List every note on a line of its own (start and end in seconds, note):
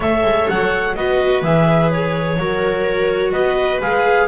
0.00 0.22 A3
0.00 0.96 A4
0.00 0.93 C#5
0.00 0.49 E5
0.23 0.47 G#3
0.49 0.96 F#3
0.49 0.95 F#5
0.95 1.41 B3
0.95 1.43 F#4
0.95 2.39 B4
0.95 1.42 D#5
1.41 2.37 E3
1.41 2.38 G#4
1.41 1.90 E5
1.90 3.32 C#5
2.37 3.32 F#3
2.37 3.81 F#4
2.37 3.32 A#4
3.32 3.80 B3
3.32 4.27 B4
3.32 3.80 D#5
3.81 4.28 G#3
3.81 4.28 G#4
3.81 4.28 F5